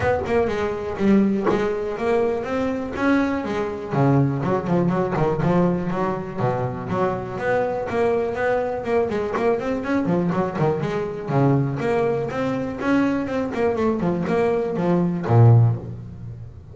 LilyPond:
\new Staff \with { instrumentName = "double bass" } { \time 4/4 \tempo 4 = 122 b8 ais8 gis4 g4 gis4 | ais4 c'4 cis'4 gis4 | cis4 fis8 f8 fis8 dis8 f4 | fis4 b,4 fis4 b4 |
ais4 b4 ais8 gis8 ais8 c'8 | cis'8 f8 fis8 dis8 gis4 cis4 | ais4 c'4 cis'4 c'8 ais8 | a8 f8 ais4 f4 ais,4 | }